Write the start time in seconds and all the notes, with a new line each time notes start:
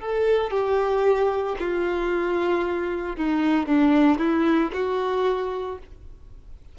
0.00 A4
0.51 G4
1.59 F4
3.16 D#4
3.67 D4
4.19 E4
4.74 F#4